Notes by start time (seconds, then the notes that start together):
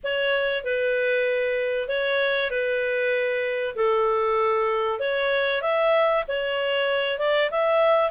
0.03 C#5
0.63 B4
1.88 C#5
2.50 B4
3.75 A4
4.99 C#5
5.61 E5
6.28 C#5
7.18 D5
7.50 E5